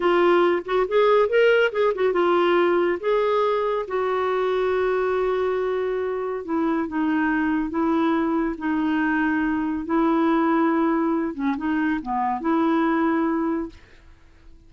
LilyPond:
\new Staff \with { instrumentName = "clarinet" } { \time 4/4 \tempo 4 = 140 f'4. fis'8 gis'4 ais'4 | gis'8 fis'8 f'2 gis'4~ | gis'4 fis'2.~ | fis'2. e'4 |
dis'2 e'2 | dis'2. e'4~ | e'2~ e'8 cis'8 dis'4 | b4 e'2. | }